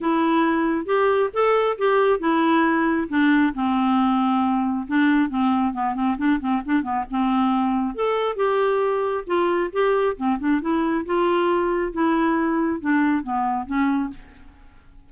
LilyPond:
\new Staff \with { instrumentName = "clarinet" } { \time 4/4 \tempo 4 = 136 e'2 g'4 a'4 | g'4 e'2 d'4 | c'2. d'4 | c'4 b8 c'8 d'8 c'8 d'8 b8 |
c'2 a'4 g'4~ | g'4 f'4 g'4 c'8 d'8 | e'4 f'2 e'4~ | e'4 d'4 b4 cis'4 | }